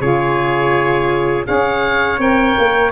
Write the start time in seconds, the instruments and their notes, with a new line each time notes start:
0.00 tuba C#3, saxophone F4, trumpet G#4, oboe C#5
1.45 tuba C#4, saxophone G#4, trumpet C#5, oboe F5
2.19 tuba C4, saxophone A#4, oboe G5
2.59 tuba A#3